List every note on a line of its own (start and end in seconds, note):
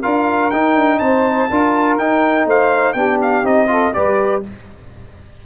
0.00 0.52 D4
0.00 0.51 F4
0.00 0.98 A#4
0.00 0.51 F5
0.51 0.75 D#4
0.51 1.50 D#4
0.51 0.99 G5
0.75 0.99 D4
0.99 1.48 C4
0.99 1.49 C5
0.99 1.97 A5
1.49 1.98 D4
1.49 2.00 F4
1.49 2.46 A#4
1.98 2.45 D#4
1.98 2.96 D#4
1.98 2.47 G5
2.45 2.94 A3
2.45 2.94 C5
2.45 2.93 F5
2.93 3.43 B3
2.93 3.44 D4
2.93 3.67 G4
2.93 3.17 G5
3.22 3.46 F5
3.43 3.92 C4
3.43 3.67 D#4
3.43 3.93 D#5
3.67 3.92 F4
3.67 3.94 A4
3.93 4.45 G3
3.93 4.43 G4
3.93 4.43 B4
3.93 4.42 D5